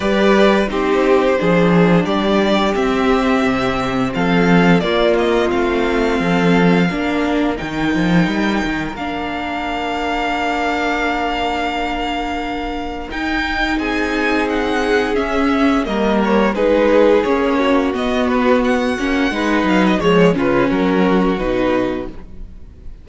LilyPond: <<
  \new Staff \with { instrumentName = "violin" } { \time 4/4 \tempo 4 = 87 d''4 c''2 d''4 | e''2 f''4 d''8 dis''8 | f''2. g''4~ | g''4 f''2.~ |
f''2. g''4 | gis''4 fis''4 e''4 dis''8 cis''8 | b'4 cis''4 dis''8 b'8 fis''4~ | fis''8 f''16 dis''16 cis''8 b'8 ais'4 b'4 | }
  \new Staff \with { instrumentName = "violin" } { \time 4/4 b'4 g'4 gis'4 g'4~ | g'2 a'4 f'4~ | f'4 a'4 ais'2~ | ais'1~ |
ais'1 | gis'2. ais'4 | gis'4. fis'2~ fis'8 | b'4 cis''8 f'8 fis'2 | }
  \new Staff \with { instrumentName = "viola" } { \time 4/4 g'4 dis'4 d'2 | c'2. ais4 | c'2 d'4 dis'4~ | dis'4 d'2.~ |
d'2. dis'4~ | dis'2 cis'4 ais4 | dis'4 cis'4 b4. cis'8 | dis'4 gis8 cis'4. dis'4 | }
  \new Staff \with { instrumentName = "cello" } { \time 4/4 g4 c'4 f4 g4 | c'4 c4 f4 ais4 | a4 f4 ais4 dis8 f8 | g8 dis8 ais2.~ |
ais2. dis'4 | c'2 cis'4 g4 | gis4 ais4 b4. ais8 | gis8 fis8 f8 cis8 fis4 b,4 | }
>>